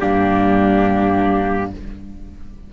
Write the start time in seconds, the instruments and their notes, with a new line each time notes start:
0.00 cello G2, clarinet A#3, viola D4, trumpet G4